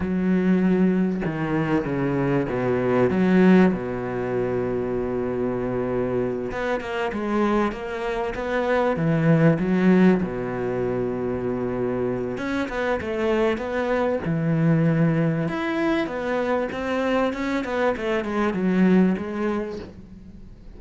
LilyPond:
\new Staff \with { instrumentName = "cello" } { \time 4/4 \tempo 4 = 97 fis2 dis4 cis4 | b,4 fis4 b,2~ | b,2~ b,8 b8 ais8 gis8~ | gis8 ais4 b4 e4 fis8~ |
fis8 b,2.~ b,8 | cis'8 b8 a4 b4 e4~ | e4 e'4 b4 c'4 | cis'8 b8 a8 gis8 fis4 gis4 | }